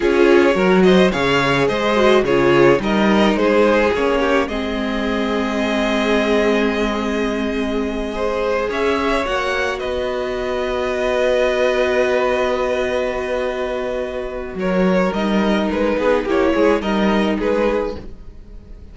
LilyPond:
<<
  \new Staff \with { instrumentName = "violin" } { \time 4/4 \tempo 4 = 107 cis''4. dis''8 f''4 dis''4 | cis''4 dis''4 c''4 cis''4 | dis''1~ | dis''2.~ dis''8 e''8~ |
e''8 fis''4 dis''2~ dis''8~ | dis''1~ | dis''2 cis''4 dis''4 | b'4 cis''4 dis''4 b'4 | }
  \new Staff \with { instrumentName = "violin" } { \time 4/4 gis'4 ais'8 c''8 cis''4 c''4 | gis'4 ais'4 gis'4. g'8 | gis'1~ | gis'2~ gis'8 c''4 cis''8~ |
cis''4. b'2~ b'8~ | b'1~ | b'2 ais'2~ | ais'8 gis'8 g'8 gis'8 ais'4 gis'4 | }
  \new Staff \with { instrumentName = "viola" } { \time 4/4 f'4 fis'4 gis'4. fis'8 | f'4 dis'2 cis'4 | c'1~ | c'2~ c'8 gis'4.~ |
gis'8 fis'2.~ fis'8~ | fis'1~ | fis'2. dis'4~ | dis'4 e'4 dis'2 | }
  \new Staff \with { instrumentName = "cello" } { \time 4/4 cis'4 fis4 cis4 gis4 | cis4 g4 gis4 ais4 | gis1~ | gis2.~ gis8 cis'8~ |
cis'8 ais4 b2~ b8~ | b1~ | b2 fis4 g4 | gis8 b8 ais8 gis8 g4 gis4 | }
>>